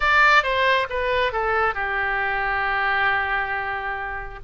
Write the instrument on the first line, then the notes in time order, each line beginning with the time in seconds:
oboe
0.00 D5
0.43 C5
0.89 B4
1.32 A4
1.74 G4